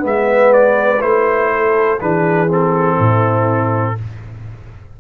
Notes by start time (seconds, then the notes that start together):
0.00 G#3 B3 B4
0.07 E5
0.53 D5
1.00 A3 E4 C5
1.53 A4
2.01 E3 D4 G#4 B4
2.48 C4 A4
2.96 A2 E4